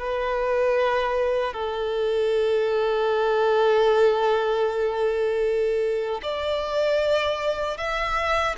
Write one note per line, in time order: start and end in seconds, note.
0.00 1.54 B4
1.54 6.21 A4
6.23 7.78 D5
7.78 8.56 E5